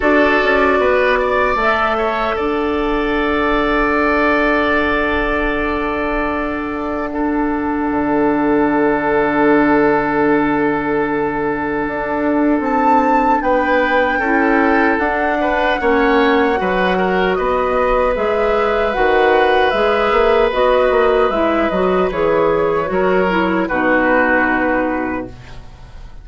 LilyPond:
<<
  \new Staff \with { instrumentName = "flute" } { \time 4/4 \tempo 4 = 76 d''2 e''4 fis''4~ | fis''1~ | fis''1~ | fis''1 |
a''4 g''2 fis''4~ | fis''2 dis''4 e''4 | fis''4 e''4 dis''4 e''8 dis''8 | cis''2 b'2 | }
  \new Staff \with { instrumentName = "oboe" } { \time 4/4 a'4 b'8 d''4 cis''8 d''4~ | d''1~ | d''4 a'2.~ | a'1~ |
a'4 b'4 a'4. b'8 | cis''4 b'8 ais'8 b'2~ | b'1~ | b'4 ais'4 fis'2 | }
  \new Staff \with { instrumentName = "clarinet" } { \time 4/4 fis'2 a'2~ | a'1~ | a'4 d'2.~ | d'1~ |
d'2 e'4 d'4 | cis'4 fis'2 gis'4 | fis'4 gis'4 fis'4 e'8 fis'8 | gis'4 fis'8 e'8 dis'2 | }
  \new Staff \with { instrumentName = "bassoon" } { \time 4/4 d'8 cis'8 b4 a4 d'4~ | d'1~ | d'2 d2~ | d2. d'4 |
c'4 b4 cis'4 d'4 | ais4 fis4 b4 gis4 | dis4 gis8 ais8 b8 ais8 gis8 fis8 | e4 fis4 b,2 | }
>>